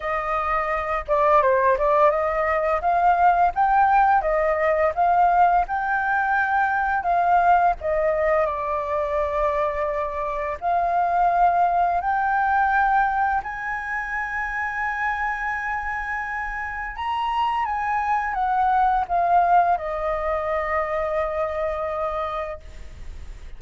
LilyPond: \new Staff \with { instrumentName = "flute" } { \time 4/4 \tempo 4 = 85 dis''4. d''8 c''8 d''8 dis''4 | f''4 g''4 dis''4 f''4 | g''2 f''4 dis''4 | d''2. f''4~ |
f''4 g''2 gis''4~ | gis''1 | ais''4 gis''4 fis''4 f''4 | dis''1 | }